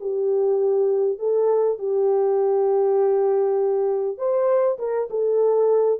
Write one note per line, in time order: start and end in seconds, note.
0.00 1.18 G4
1.18 1.78 A4
1.79 4.18 G4
4.18 4.78 C5
4.79 5.09 A#4
5.10 5.99 A4